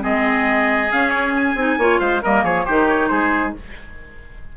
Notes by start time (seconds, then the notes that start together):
0.00 G#3 C4 G#4 D#5
0.92 C#4 F5
1.10 C#5
1.36 G#5
1.55 C4 D#4
1.78 A#3 F4 C#5
2.00 G#3 C5 F5
2.22 G3 A#3 A#4 D#5
2.44 F3 G#4 C#5
2.65 D#3 D#4 G4 C5
2.88 C#5
3.08 G#3 G#4 C5